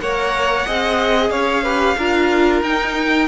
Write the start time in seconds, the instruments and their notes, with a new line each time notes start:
0.00 cello A#3, viola A#4, violin C#5 F#5
0.66 cello C4, viola G#4, violin D#5
1.30 cello C#4, violin C#5 F5
1.63 viola G4, violin B4
1.97 cello D4, viola F4, violin A#4
2.62 cello D#4, viola D#4, violin G5